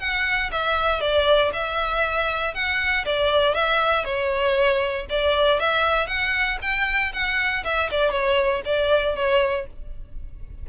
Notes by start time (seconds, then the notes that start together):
0.00 F#5
0.52 E5
1.01 D5
1.54 E5
2.55 F#5
3.06 D5
3.55 E5
4.05 C#5
5.10 D5
5.60 E5
6.08 F#5
6.62 G5
7.13 F#5
7.65 E5
7.92 D5
8.12 C#5
8.65 D5
9.16 C#5